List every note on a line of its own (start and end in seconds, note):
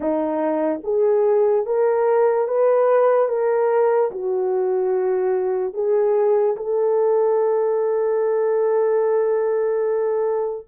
0.00 0.81 D#4
0.83 1.66 G#4
1.66 2.47 A#4
2.47 3.28 B4
3.28 4.10 A#4
4.11 5.73 F#4
5.73 6.55 G#4
6.56 10.67 A4